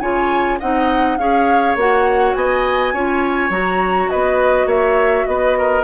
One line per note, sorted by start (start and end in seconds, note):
0.00 0.59 C#3
0.00 0.60 F4
0.00 0.59 C#5
0.00 0.58 G#5
0.59 1.18 C4
0.59 1.19 D#4
0.59 1.17 D#5
0.59 1.18 F#5
1.18 1.75 C#4
1.18 1.77 G#4
1.18 2.36 C#5
1.18 1.76 F5
1.75 2.34 A#3
1.75 2.94 F#4
1.75 2.34 F#5
2.34 2.93 B3
2.34 2.94 D#5
2.34 3.50 G#5
2.93 3.49 C#4
2.93 3.50 F4
2.93 4.10 C#5
3.49 4.08 F#3
3.49 5.83 F#4
3.49 4.10 A#5
4.10 4.66 B3
4.10 4.67 B4
4.10 4.68 D#5
4.66 5.24 A#3
4.66 5.25 C#5
4.66 5.26 E5
5.26 5.84 B3
5.26 5.58 B4
5.26 5.84 D#5
5.58 5.84 A#4